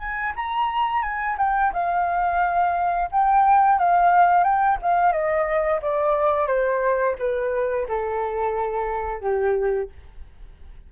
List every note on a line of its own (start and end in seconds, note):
0.00 0.34 G#5
0.37 1.03 A#5
1.03 1.37 G#5
1.39 1.73 G5
1.74 3.10 F5
3.12 3.79 G5
3.79 4.44 F5
4.44 4.79 G5
4.83 5.13 F5
5.13 5.81 D#5
5.82 6.48 D5
6.48 7.16 C5
7.19 7.87 B4
7.89 9.21 A4
9.21 9.90 G4